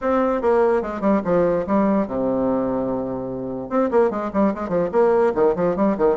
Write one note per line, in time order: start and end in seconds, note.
0.01 0.41 C4
0.41 0.81 A#3
0.81 1.00 G#3
1.00 1.21 G3
1.24 1.65 F3
1.66 2.07 G3
2.07 3.69 C3
3.69 3.89 C4
3.90 4.10 A#3
4.10 4.31 G#3
4.33 4.53 G3
4.54 4.68 G#3
4.68 4.89 F3
4.92 5.33 A#3
5.34 5.55 D#3
5.55 5.76 F3
5.76 5.96 G3
5.97 6.16 D#3